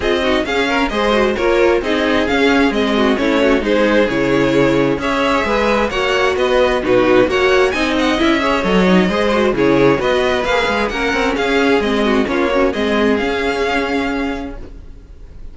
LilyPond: <<
  \new Staff \with { instrumentName = "violin" } { \time 4/4 \tempo 4 = 132 dis''4 f''4 dis''4 cis''4 | dis''4 f''4 dis''4 cis''4 | c''4 cis''2 e''4~ | e''4 fis''4 dis''4 b'4 |
fis''4 gis''8 fis''8 e''4 dis''4~ | dis''4 cis''4 dis''4 f''4 | fis''4 f''4 dis''4 cis''4 | dis''4 f''2. | }
  \new Staff \with { instrumentName = "violin" } { \time 4/4 gis'8 fis'8 gis'8 ais'8 c''4 ais'4 | gis'2~ gis'8 fis'8 e'8 fis'8 | gis'2. cis''4 | b'4 cis''4 b'4 fis'4 |
cis''4 dis''4. cis''4. | c''4 gis'4 b'2 | ais'4 gis'4. fis'8 f'8 cis'8 | gis'1 | }
  \new Staff \with { instrumentName = "viola" } { \time 4/4 f'8 dis'8 cis'4 gis'8 fis'8 f'4 | dis'4 cis'4 c'4 cis'4 | dis'4 e'2 gis'4~ | gis'4 fis'2 dis'4 |
fis'4 dis'4 e'8 gis'8 a'8 dis'8 | gis'8 fis'8 e'4 fis'4 gis'4 | cis'2 c'4 cis'8 fis'8 | c'4 cis'2. | }
  \new Staff \with { instrumentName = "cello" } { \time 4/4 c'4 cis'4 gis4 ais4 | c'4 cis'4 gis4 a4 | gis4 cis2 cis'4 | gis4 ais4 b4 b,4 |
ais4 c'4 cis'4 fis4 | gis4 cis4 b4 ais8 gis8 | ais8 c'8 cis'4 gis4 ais4 | gis4 cis'2. | }
>>